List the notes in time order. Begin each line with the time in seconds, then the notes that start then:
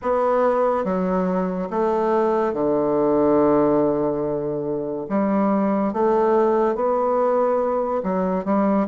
0.02 B3
0.84 F#3
1.70 A3
2.53 D3
5.09 G3
5.93 A3
6.75 B3
8.03 F#3
8.44 G3